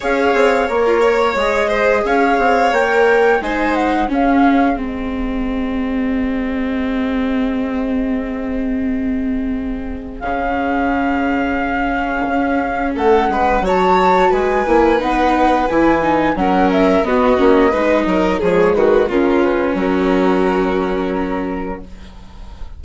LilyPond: <<
  \new Staff \with { instrumentName = "flute" } { \time 4/4 \tempo 4 = 88 f''4 cis''4 dis''4 f''4 | g''4 gis''8 fis''8 f''4 dis''4~ | dis''1~ | dis''2. f''4~ |
f''2. fis''4 | a''4 gis''4 fis''4 gis''4 | fis''8 e''8 dis''2 cis''8 b'8 | ais'8 b'8 ais'2. | }
  \new Staff \with { instrumentName = "violin" } { \time 4/4 cis''4~ cis''16 f'16 cis''4 c''8 cis''4~ | cis''4 c''4 gis'2~ | gis'1~ | gis'1~ |
gis'2. a'8 b'8 | cis''4 b'2. | ais'4 fis'4 b'8 ais'8 gis'8 fis'8 | f'4 fis'2. | }
  \new Staff \with { instrumentName = "viola" } { \time 4/4 gis'4 ais'4 gis'2 | ais'4 dis'4 cis'4 c'4~ | c'1~ | c'2. cis'4~ |
cis'1 | fis'4. e'8 dis'4 e'8 dis'8 | cis'4 b8 cis'8 dis'4 gis4 | cis'1 | }
  \new Staff \with { instrumentName = "bassoon" } { \time 4/4 cis'8 c'8 ais4 gis4 cis'8 c'8 | ais4 gis4 cis'4 gis4~ | gis1~ | gis2. cis4~ |
cis2 cis'4 a8 gis8 | fis4 gis8 ais8 b4 e4 | fis4 b8 ais8 gis8 fis8 f8 dis8 | cis4 fis2. | }
>>